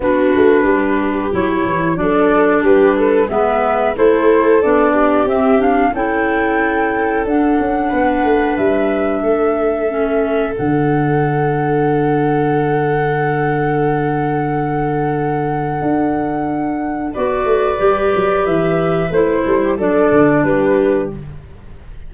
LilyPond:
<<
  \new Staff \with { instrumentName = "flute" } { \time 4/4 \tempo 4 = 91 b'2 cis''4 d''4 | b'4 e''4 c''4 d''4 | e''8 f''8 g''2 fis''4~ | fis''4 e''2. |
fis''1~ | fis''1~ | fis''2 d''2 | e''4 c''4 d''4 b'4 | }
  \new Staff \with { instrumentName = "viola" } { \time 4/4 fis'4 g'2 a'4 | g'8 a'8 b'4 a'4. g'8~ | g'4 a'2. | b'2 a'2~ |
a'1~ | a'1~ | a'2 b'2~ | b'4. a'16 g'16 a'4 g'4 | }
  \new Staff \with { instrumentName = "clarinet" } { \time 4/4 d'2 e'4 d'4~ | d'4 b4 e'4 d'4 | c'8 d'8 e'2 d'4~ | d'2. cis'4 |
d'1~ | d'1~ | d'2 fis'4 g'4~ | g'4 e'4 d'2 | }
  \new Staff \with { instrumentName = "tuba" } { \time 4/4 b8 a8 g4 fis8 e8 fis4 | g4 gis4 a4 b4 | c'4 cis'2 d'8 cis'8 | b8 a8 g4 a2 |
d1~ | d1 | d'2 b8 a8 g8 fis8 | e4 a8 g8 fis8 d8 g4 | }
>>